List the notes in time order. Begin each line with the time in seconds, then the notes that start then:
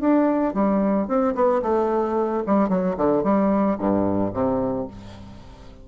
0.00 D4
0.54 G3
1.07 C4
1.34 B3
1.62 A3
2.46 G3
2.69 F#3
2.97 D3
3.23 G3
3.78 G2
4.33 C3